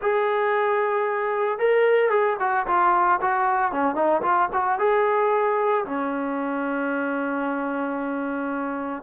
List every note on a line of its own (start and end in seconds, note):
0.01 1.58 G#4
1.58 2.10 A#4
2.10 2.36 G#4
2.39 2.66 F#4
2.67 3.20 F4
3.21 3.72 F#4
3.72 3.95 C#4
3.95 4.21 D#4
4.22 4.48 F4
4.53 4.78 F#4
4.78 5.85 G#4
5.85 9.02 C#4